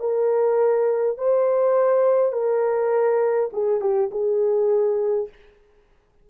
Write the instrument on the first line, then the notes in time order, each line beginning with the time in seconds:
horn
0.00 A#4
1.18 C5
2.33 A#4
3.53 G#4
3.81 G4
4.11 G#4